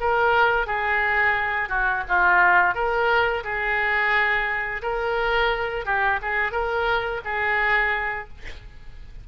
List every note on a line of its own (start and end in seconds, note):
0.00 0.66 A#4
0.66 1.69 G#4
1.69 2.03 F#4
2.08 2.74 F4
2.74 3.43 A#4
3.43 4.81 G#4
4.82 5.85 A#4
5.85 6.19 G4
6.22 6.52 G#4
6.52 7.21 A#4
7.24 8.28 G#4